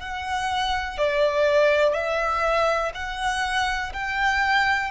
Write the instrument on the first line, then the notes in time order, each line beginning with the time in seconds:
violin
0.00 F#5
0.98 D5
1.94 E5
2.95 F#5
3.93 G5